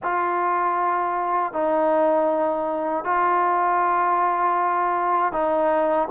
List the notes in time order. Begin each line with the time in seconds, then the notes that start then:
0.02 F4
1.52 D#4
3.04 F4
5.32 D#4